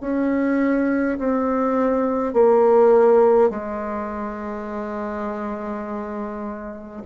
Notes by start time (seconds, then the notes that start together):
0.00 C#4
1.18 C4
2.33 A#3
3.50 G#3